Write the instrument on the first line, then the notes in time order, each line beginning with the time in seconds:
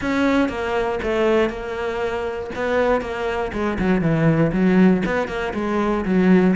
cello
0.01 C#4
0.49 A#3
1.02 A3
1.49 A#3
2.55 B3
3.01 A#3
3.52 G#3
3.78 F#3
4.01 E3
4.52 F#3
5.05 B3
5.27 A#3
5.54 G#3
6.05 F#3